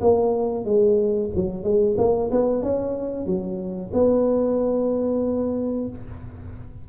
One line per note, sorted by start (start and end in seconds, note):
0.00 0.65 A#3
0.65 1.30 G#3
1.35 1.63 F#3
1.63 1.96 G#3
1.97 2.30 A#3
2.31 2.62 B3
2.62 3.26 C#4
3.26 3.91 F#3
3.93 5.88 B3